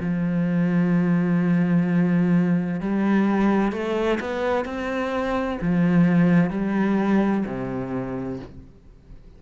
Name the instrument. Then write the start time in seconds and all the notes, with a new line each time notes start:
cello
0.00 F3
2.81 G3
3.72 A3
4.20 B3
4.65 C4
5.62 F3
6.51 G3
7.46 C3